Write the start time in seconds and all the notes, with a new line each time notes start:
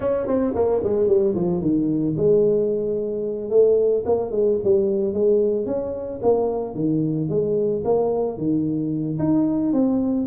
0.00 C#4
0.27 C4
0.55 A#3
0.83 G#3
1.07 G3
1.34 F3
1.61 D#3
2.16 G#3
3.50 A3
4.05 A#3
4.31 G#3
4.63 G3
5.13 G#3
5.66 C#4
6.22 A#3
6.74 D#3
7.29 G#3
7.84 A#3
8.37 D#3
9.19 D#4
9.72 C4